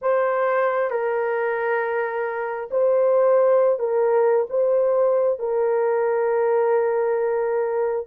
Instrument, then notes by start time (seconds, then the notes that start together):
horn
0.01 C5
0.90 A#4
2.71 C5
3.79 A#4
4.49 C5
5.39 A#4